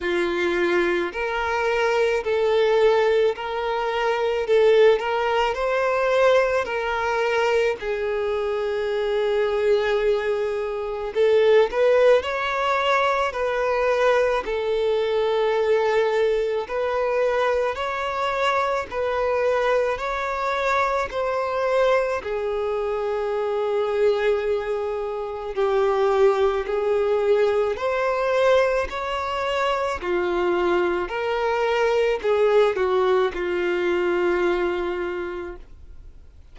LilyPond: \new Staff \with { instrumentName = "violin" } { \time 4/4 \tempo 4 = 54 f'4 ais'4 a'4 ais'4 | a'8 ais'8 c''4 ais'4 gis'4~ | gis'2 a'8 b'8 cis''4 | b'4 a'2 b'4 |
cis''4 b'4 cis''4 c''4 | gis'2. g'4 | gis'4 c''4 cis''4 f'4 | ais'4 gis'8 fis'8 f'2 | }